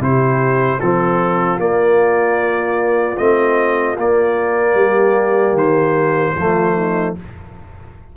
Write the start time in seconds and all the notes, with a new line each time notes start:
0.00 C3 E4 G4 C5
0.80 F3 C4 F4 A4
1.58 A#3 D5
3.17 A3 C4 D#5
3.97 A#3 D5
4.75 G3 G4
5.53 D#3 C5
6.34 F3 A3 F4
6.76 D#4